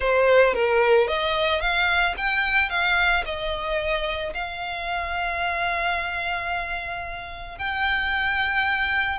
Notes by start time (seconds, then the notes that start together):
0.00 C5
0.54 A#4
1.07 D#5
1.60 F5
2.17 G5
2.69 F5
3.25 D#5
4.34 F5
7.58 G5